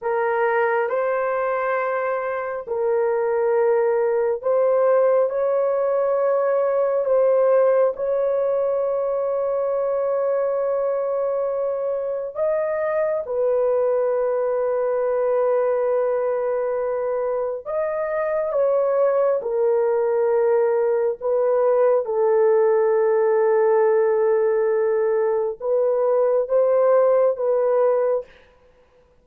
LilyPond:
\new Staff \with { instrumentName = "horn" } { \time 4/4 \tempo 4 = 68 ais'4 c''2 ais'4~ | ais'4 c''4 cis''2 | c''4 cis''2.~ | cis''2 dis''4 b'4~ |
b'1 | dis''4 cis''4 ais'2 | b'4 a'2.~ | a'4 b'4 c''4 b'4 | }